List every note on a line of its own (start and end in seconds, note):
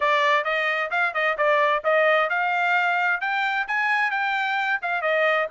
0.00 0.44 D5
0.44 0.90 D#5
0.91 1.13 F5
1.14 1.37 D#5
1.37 1.83 D5
1.83 2.29 D#5
2.29 3.21 F5
3.21 3.66 G5
3.67 4.11 G#5
4.11 4.79 G5
4.82 5.01 F5
5.01 5.47 D#5